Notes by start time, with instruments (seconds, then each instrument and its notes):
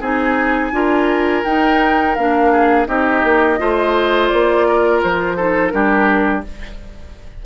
0.00 bassoon C4, clarinet D#4, oboe G#4, flute G#5
0.72 bassoon D4, clarinet F4, oboe A#4
1.44 bassoon D#4, clarinet D#4, flute G5
2.15 bassoon A#3, clarinet D4, flute F5
2.52 oboe G#4
2.87 bassoon C4, clarinet D#4, oboe G4, flute D#5
3.24 bassoon A#3
3.58 bassoon A3, clarinet F4, oboe C5
4.29 bassoon A#3, flute D5
4.68 oboe A#4
5.03 bassoon F3, flute C5
5.36 clarinet D#4, oboe A4
5.69 bassoon G3, clarinet D4, oboe G4, flute A#4